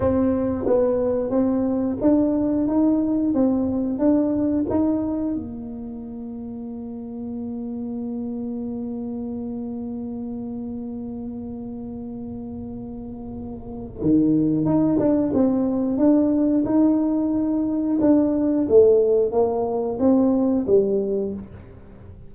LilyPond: \new Staff \with { instrumentName = "tuba" } { \time 4/4 \tempo 4 = 90 c'4 b4 c'4 d'4 | dis'4 c'4 d'4 dis'4 | ais1~ | ais1~ |
ais1~ | ais4 dis4 dis'8 d'8 c'4 | d'4 dis'2 d'4 | a4 ais4 c'4 g4 | }